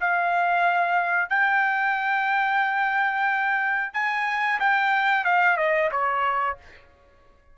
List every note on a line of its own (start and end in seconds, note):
0.00 1.29 F5
1.29 3.93 G5
3.94 4.59 G#5
4.59 5.24 G5
5.24 5.57 F5
5.57 5.90 D#5
5.91 6.57 C#5